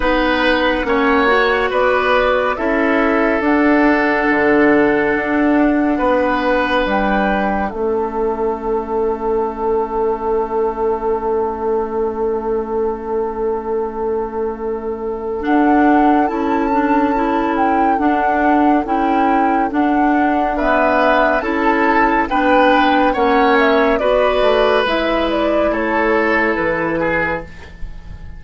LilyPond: <<
  \new Staff \with { instrumentName = "flute" } { \time 4/4 \tempo 4 = 70 fis''2 d''4 e''4 | fis''1 | g''4 e''2.~ | e''1~ |
e''2 fis''4 a''4~ | a''8 g''8 fis''4 g''4 fis''4 | e''4 a''4 g''4 fis''8 e''8 | d''4 e''8 d''8 cis''4 b'4 | }
  \new Staff \with { instrumentName = "oboe" } { \time 4/4 b'4 cis''4 b'4 a'4~ | a'2. b'4~ | b'4 a'2.~ | a'1~ |
a'1~ | a'1 | b'4 a'4 b'4 cis''4 | b'2 a'4. gis'8 | }
  \new Staff \with { instrumentName = "clarinet" } { \time 4/4 dis'4 cis'8 fis'4. e'4 | d'1~ | d'4 cis'2.~ | cis'1~ |
cis'2 d'4 e'8 d'8 | e'4 d'4 e'4 d'4 | b4 e'4 d'4 cis'4 | fis'4 e'2. | }
  \new Staff \with { instrumentName = "bassoon" } { \time 4/4 b4 ais4 b4 cis'4 | d'4 d4 d'4 b4 | g4 a2.~ | a1~ |
a2 d'4 cis'4~ | cis'4 d'4 cis'4 d'4~ | d'4 cis'4 b4 ais4 | b8 a8 gis4 a4 e4 | }
>>